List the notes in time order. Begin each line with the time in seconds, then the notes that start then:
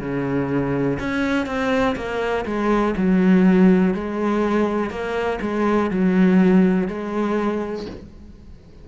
0.00 C#3
0.99 C#4
1.46 C4
1.96 A#3
2.45 G#3
2.97 F#3
3.94 G#3
4.90 A#3
5.41 G#3
5.91 F#3
6.88 G#3